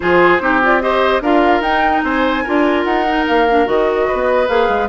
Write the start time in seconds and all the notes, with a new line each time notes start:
0.00 F3 F4 G#4 C5
0.39 C4 D#4 G4
0.62 F4 D5
0.81 G4 C5 D#5
1.21 D4 F4 A#4 F5
1.60 D#4 G5
2.03 C4 C5 G#5
2.43 D4 F4 A#4
2.83 D#4 F#5
3.08 D#4
3.27 A#3 F5
3.49 D4
3.65 D#3 F#4 D#5
4.07 B3 B4
4.48 A#3 G#4 F5
4.68 G#3